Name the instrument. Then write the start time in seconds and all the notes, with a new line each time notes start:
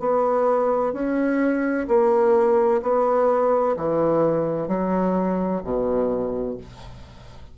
bassoon
0.00 B3
0.93 C#4
1.88 A#3
2.82 B3
3.77 E3
4.68 F#3
5.64 B2